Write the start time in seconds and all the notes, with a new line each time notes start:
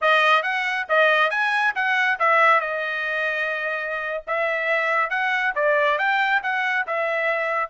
0.01 D#5
0.42 F#5
0.88 D#5
1.30 G#5
1.75 F#5
2.19 E5
2.60 D#5
4.27 E5
5.10 F#5
5.55 D5
5.98 G5
6.42 F#5
6.86 E5